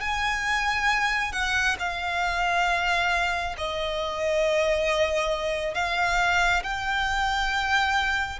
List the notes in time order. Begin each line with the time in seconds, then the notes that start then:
0.00 G#5
1.32 F#5
1.79 F5
3.57 D#5
5.74 F5
6.63 G5